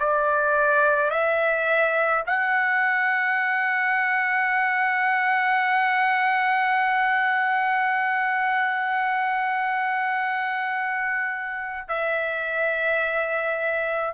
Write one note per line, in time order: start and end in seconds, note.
0.00 1.11 D5
1.11 2.24 E5
2.27 11.89 F#5
11.89 14.15 E5